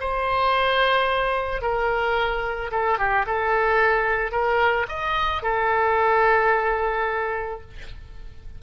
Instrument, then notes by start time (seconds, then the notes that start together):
oboe
0.00 C5
1.62 A#4
2.71 A4
2.98 G4
3.26 A4
4.31 A#4
4.88 D#5
5.42 A4